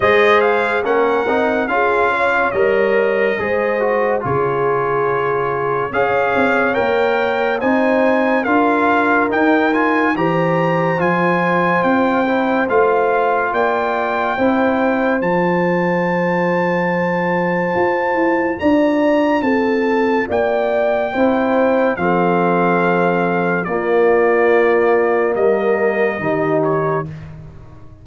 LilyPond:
<<
  \new Staff \with { instrumentName = "trumpet" } { \time 4/4 \tempo 4 = 71 dis''8 f''8 fis''4 f''4 dis''4~ | dis''4 cis''2 f''4 | g''4 gis''4 f''4 g''8 gis''8 | ais''4 gis''4 g''4 f''4 |
g''2 a''2~ | a''2 ais''4 a''4 | g''2 f''2 | d''2 dis''4. cis''8 | }
  \new Staff \with { instrumentName = "horn" } { \time 4/4 c''4 ais'4 gis'8 cis''4. | c''4 gis'2 cis''4~ | cis''4 c''4 ais'2 | c''1 |
d''4 c''2.~ | c''2 d''4 a'4 | d''4 c''4 a'2 | f'2 ais'4 g'4 | }
  \new Staff \with { instrumentName = "trombone" } { \time 4/4 gis'4 cis'8 dis'8 f'4 ais'4 | gis'8 fis'8 f'2 gis'4 | ais'4 dis'4 f'4 dis'8 f'8 | g'4 f'4. e'8 f'4~ |
f'4 e'4 f'2~ | f'1~ | f'4 e'4 c'2 | ais2. dis'4 | }
  \new Staff \with { instrumentName = "tuba" } { \time 4/4 gis4 ais8 c'8 cis'4 g4 | gis4 cis2 cis'8 c'8 | ais4 c'4 d'4 dis'4 | e4 f4 c'4 a4 |
ais4 c'4 f2~ | f4 f'8 e'8 d'4 c'4 | ais4 c'4 f2 | ais2 g4 dis4 | }
>>